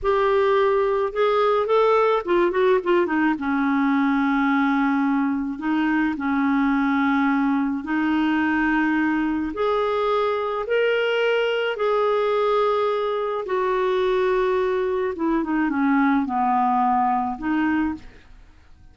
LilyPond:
\new Staff \with { instrumentName = "clarinet" } { \time 4/4 \tempo 4 = 107 g'2 gis'4 a'4 | f'8 fis'8 f'8 dis'8 cis'2~ | cis'2 dis'4 cis'4~ | cis'2 dis'2~ |
dis'4 gis'2 ais'4~ | ais'4 gis'2. | fis'2. e'8 dis'8 | cis'4 b2 dis'4 | }